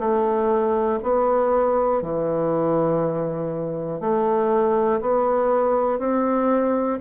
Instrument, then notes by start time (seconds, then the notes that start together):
bassoon
0.00 A3
1.03 B3
2.02 E3
4.01 A3
5.01 B3
5.99 C4